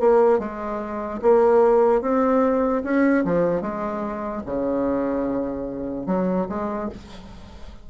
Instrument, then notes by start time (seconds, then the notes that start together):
bassoon
0.00 A#3
0.40 G#3
1.22 A#3
2.02 C4
2.84 C#4
3.25 F3
3.62 G#3
4.46 C#3
6.07 F#3
6.49 G#3